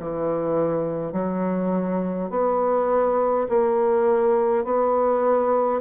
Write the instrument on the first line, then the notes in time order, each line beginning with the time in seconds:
bassoon
0.00 E3
1.13 F#3
2.30 B3
3.49 A#3
4.65 B3